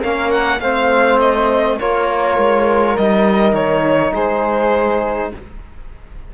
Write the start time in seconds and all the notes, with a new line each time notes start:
0.00 A#3 C#4 A#4 F5
0.31 F#5
0.60 A3 C4 C5 F5
1.20 D#5
1.79 A#3 F4 A#4 C#5
2.38 G#3
2.97 G3 D#4 D#5
3.53 D#3 C#5
4.13 G#3 G#4 C5